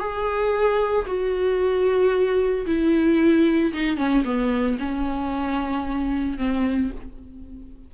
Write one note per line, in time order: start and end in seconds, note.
0.00 1.06 G#4
1.07 2.66 F#4
2.67 3.73 E4
3.74 3.98 D#4
3.98 4.24 C#4
4.25 4.78 B3
4.80 6.38 C#4
6.38 6.91 C4